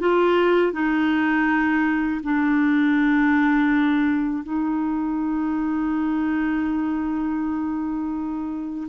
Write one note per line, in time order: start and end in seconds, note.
0.00 0.73 F4
0.73 2.21 D#4
2.23 4.43 D4
4.43 8.88 D#4